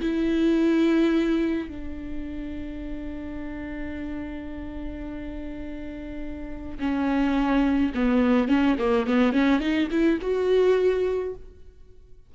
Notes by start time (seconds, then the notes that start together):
0.00 E4
1.68 D4
6.78 C#4
7.94 B3
8.48 C#4
8.78 A#3
9.06 B3
9.32 C#4
9.60 D#4
9.91 E4
10.21 F#4